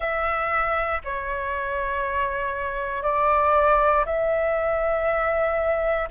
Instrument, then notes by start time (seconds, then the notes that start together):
flute
0.00 E5
1.04 C#5
3.02 D5
4.05 E5